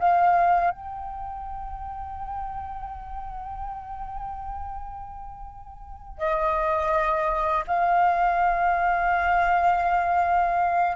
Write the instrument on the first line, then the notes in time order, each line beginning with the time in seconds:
flute
0.00 F5
0.71 G5
6.18 D#5
7.67 F5